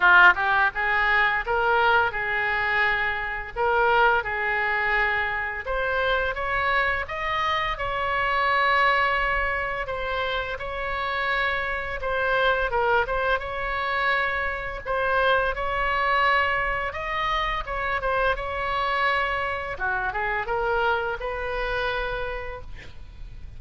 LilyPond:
\new Staff \with { instrumentName = "oboe" } { \time 4/4 \tempo 4 = 85 f'8 g'8 gis'4 ais'4 gis'4~ | gis'4 ais'4 gis'2 | c''4 cis''4 dis''4 cis''4~ | cis''2 c''4 cis''4~ |
cis''4 c''4 ais'8 c''8 cis''4~ | cis''4 c''4 cis''2 | dis''4 cis''8 c''8 cis''2 | fis'8 gis'8 ais'4 b'2 | }